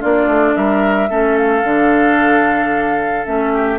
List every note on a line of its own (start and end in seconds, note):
0.00 0.27 A#3
0.00 1.08 D4
0.00 0.54 F4
0.00 0.56 D5
0.27 0.54 A3
0.56 1.10 G3
0.56 1.10 A#4
0.56 1.37 E5
1.10 1.64 A3
1.10 1.63 C#4
1.10 3.53 A4
1.37 3.26 F5
1.63 3.26 D3
1.63 3.25 D4
3.25 3.78 A3
3.25 3.78 C#4
3.25 3.78 E5
3.53 3.78 G4